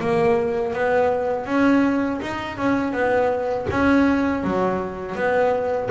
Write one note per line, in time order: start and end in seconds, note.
0.00 0.73 A#3
0.73 1.46 B3
1.46 2.20 C#4
2.22 2.57 D#4
2.57 2.92 C#4
2.92 3.66 B3
3.70 4.44 C#4
4.44 5.15 F#3
5.15 5.89 B3